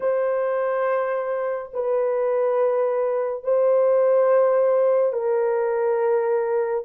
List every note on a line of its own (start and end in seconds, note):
0.00 1.71 C5
1.73 3.43 B4
3.43 5.12 C5
5.12 6.84 A#4